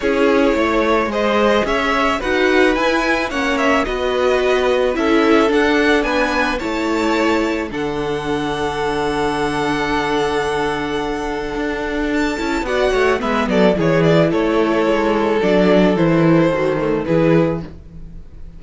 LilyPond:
<<
  \new Staff \with { instrumentName = "violin" } { \time 4/4 \tempo 4 = 109 cis''2 dis''4 e''4 | fis''4 gis''4 fis''8 e''8 dis''4~ | dis''4 e''4 fis''4 gis''4 | a''2 fis''2~ |
fis''1~ | fis''2 a''4 fis''4 | e''8 d''8 cis''8 d''8 cis''2 | d''4 c''2 b'4 | }
  \new Staff \with { instrumentName = "violin" } { \time 4/4 gis'4 cis''4 c''4 cis''4 | b'2 cis''4 b'4~ | b'4 a'2 b'4 | cis''2 a'2~ |
a'1~ | a'2. d''8 cis''8 | b'8 a'8 gis'4 a'2~ | a'2. gis'4 | }
  \new Staff \with { instrumentName = "viola" } { \time 4/4 e'2 gis'2 | fis'4 e'4 cis'4 fis'4~ | fis'4 e'4 d'2 | e'2 d'2~ |
d'1~ | d'2~ d'8 e'8 fis'4 | b4 e'2. | d'4 e'4 fis'8 a8 e'4 | }
  \new Staff \with { instrumentName = "cello" } { \time 4/4 cis'4 a4 gis4 cis'4 | dis'4 e'4 ais4 b4~ | b4 cis'4 d'4 b4 | a2 d2~ |
d1~ | d4 d'4. cis'8 b8 a8 | gis8 fis8 e4 a4 gis4 | fis4 e4 dis4 e4 | }
>>